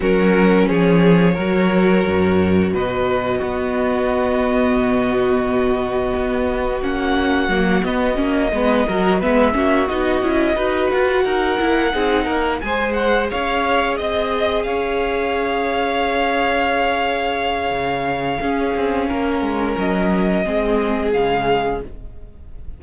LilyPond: <<
  \new Staff \with { instrumentName = "violin" } { \time 4/4 \tempo 4 = 88 ais'4 cis''2. | dis''1~ | dis''2 fis''4. dis''8~ | dis''4. e''4 dis''4. |
fis''2~ fis''8 gis''8 fis''8 f''8~ | f''8 dis''4 f''2~ f''8~ | f''1~ | f''4 dis''2 f''4 | }
  \new Staff \with { instrumentName = "violin" } { \time 4/4 fis'4 gis'4 ais'2 | b'4 fis'2.~ | fis'1~ | fis'8 b'8 ais'8 b'8 fis'4. b'8~ |
b'8 ais'4 gis'8 ais'8 c''4 cis''8~ | cis''8 dis''4 cis''2~ cis''8~ | cis''2. gis'4 | ais'2 gis'2 | }
  \new Staff \with { instrumentName = "viola" } { \time 4/4 cis'2 fis'2~ | fis'4 b2.~ | b2 cis'4 ais8 b8 | cis'8 b8 fis'8 b8 cis'8 dis'8 e'8 fis'8~ |
fis'4 e'8 dis'4 gis'4.~ | gis'1~ | gis'2. cis'4~ | cis'2 c'4 gis4 | }
  \new Staff \with { instrumentName = "cello" } { \time 4/4 fis4 f4 fis4 fis,4 | b,4 b2 b,4~ | b,4 b4 ais4 fis8 b8 | ais8 gis8 fis8 gis8 ais8 b8 cis'8 dis'8 |
f'8 dis'8 ais8 c'8 ais8 gis4 cis'8~ | cis'8 c'4 cis'2~ cis'8~ | cis'2 cis4 cis'8 c'8 | ais8 gis8 fis4 gis4 cis4 | }
>>